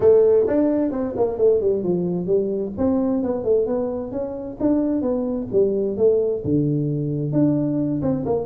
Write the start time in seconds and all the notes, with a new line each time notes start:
0.00 A3
0.47 D4
0.91 C4
1.16 A#3
1.37 A3
1.60 G3
1.83 F3
2.26 G3
2.77 C4
3.22 B3
3.44 A3
3.66 B3
4.11 C#4
4.60 D4
5.01 B3
5.51 G3
5.97 A3
6.44 D3
7.32 D4
8.02 C4
8.25 A#3